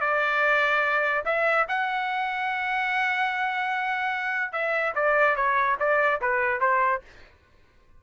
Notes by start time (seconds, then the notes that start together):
0.00 D5
1.25 E5
1.68 F#5
4.52 E5
4.95 D5
5.36 C#5
5.79 D5
6.21 B4
6.60 C5